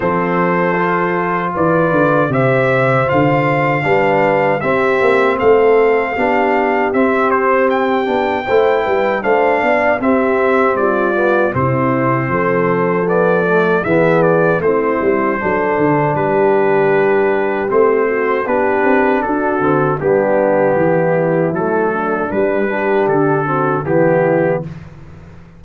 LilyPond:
<<
  \new Staff \with { instrumentName = "trumpet" } { \time 4/4 \tempo 4 = 78 c''2 d''4 e''4 | f''2 e''4 f''4~ | f''4 e''8 c''8 g''2 | f''4 e''4 d''4 c''4~ |
c''4 d''4 e''8 d''8 c''4~ | c''4 b'2 c''4 | b'4 a'4 g'2 | a'4 b'4 a'4 g'4 | }
  \new Staff \with { instrumentName = "horn" } { \time 4/4 a'2 b'4 c''4~ | c''4 b'4 g'4 a'4 | g'2. c''8 b'8 | c''8 d''8 g'4 f'4 e'4 |
a'2 gis'4 e'4 | a'4 g'2~ g'8 fis'8 | g'4 fis'4 d'4 e'4~ | e'8 d'4 g'4 fis'8 e'4 | }
  \new Staff \with { instrumentName = "trombone" } { \time 4/4 c'4 f'2 g'4 | f'4 d'4 c'2 | d'4 c'4. d'8 e'4 | d'4 c'4. b8 c'4~ |
c'4 b8 a8 b4 c'4 | d'2. c'4 | d'4. c'8 b2 | a4 g8 d'4 c'8 b4 | }
  \new Staff \with { instrumentName = "tuba" } { \time 4/4 f2 e8 d8 c4 | d4 g4 c'8 ais8 a4 | b4 c'4. b8 a8 g8 | a8 b8 c'4 g4 c4 |
f2 e4 a8 g8 | fis8 d8 g2 a4 | b8 c'8 d'8 d8 g4 e4 | fis4 g4 d4 e4 | }
>>